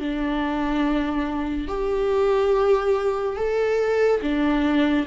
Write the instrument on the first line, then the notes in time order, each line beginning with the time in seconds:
viola
0.00 D4
1.68 G4
3.37 A4
4.22 D4